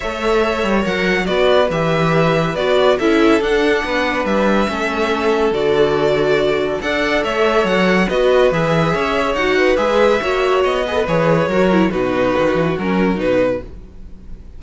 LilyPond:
<<
  \new Staff \with { instrumentName = "violin" } { \time 4/4 \tempo 4 = 141 e''2 fis''4 d''4 | e''2 d''4 e''4 | fis''2 e''2~ | e''4 d''2. |
fis''4 e''4 fis''4 dis''4 | e''2 fis''4 e''4~ | e''4 dis''4 cis''2 | b'2 ais'4 b'4 | }
  \new Staff \with { instrumentName = "violin" } { \time 4/4 cis''2. b'4~ | b'2. a'4~ | a'4 b'2 a'4~ | a'1 |
d''4 cis''2 b'4~ | b'4 cis''4. b'4. | cis''4. b'4. ais'4 | fis'1 | }
  \new Staff \with { instrumentName = "viola" } { \time 4/4 a'2 ais'4 fis'4 | g'2 fis'4 e'4 | d'2. cis'4~ | cis'4 fis'2. |
a'2. fis'4 | gis'2 fis'4 gis'4 | fis'4. gis'16 a'16 gis'4 fis'8 e'8 | dis'2 cis'4 dis'4 | }
  \new Staff \with { instrumentName = "cello" } { \time 4/4 a4. g8 fis4 b4 | e2 b4 cis'4 | d'4 b4 g4 a4~ | a4 d2. |
d'4 a4 fis4 b4 | e4 cis'4 dis'4 gis4 | ais4 b4 e4 fis4 | b,4 dis8 e8 fis4 b,4 | }
>>